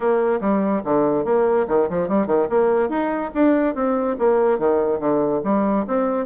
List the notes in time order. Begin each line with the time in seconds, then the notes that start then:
0.00 A#3
0.40 G3
0.84 D3
1.24 A#3
1.68 D#3
1.89 F3
2.08 G3
2.27 D#3
2.49 A#3
2.89 D#4
3.34 D4
3.74 C4
4.18 A#3
4.59 D#3
4.99 D3
5.44 G3
5.87 C4